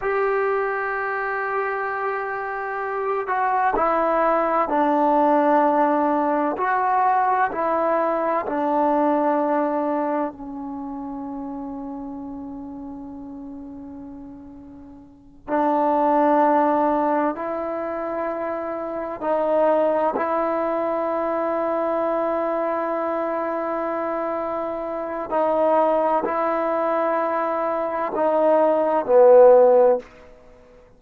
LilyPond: \new Staff \with { instrumentName = "trombone" } { \time 4/4 \tempo 4 = 64 g'2.~ g'8 fis'8 | e'4 d'2 fis'4 | e'4 d'2 cis'4~ | cis'1~ |
cis'8 d'2 e'4.~ | e'8 dis'4 e'2~ e'8~ | e'2. dis'4 | e'2 dis'4 b4 | }